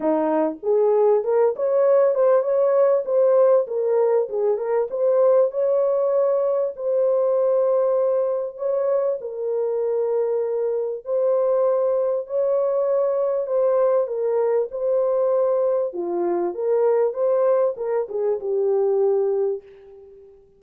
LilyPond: \new Staff \with { instrumentName = "horn" } { \time 4/4 \tempo 4 = 98 dis'4 gis'4 ais'8 cis''4 c''8 | cis''4 c''4 ais'4 gis'8 ais'8 | c''4 cis''2 c''4~ | c''2 cis''4 ais'4~ |
ais'2 c''2 | cis''2 c''4 ais'4 | c''2 f'4 ais'4 | c''4 ais'8 gis'8 g'2 | }